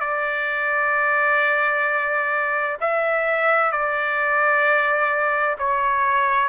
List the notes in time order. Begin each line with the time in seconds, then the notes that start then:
0.00 D5
2.81 E5
3.72 D5
5.58 C#5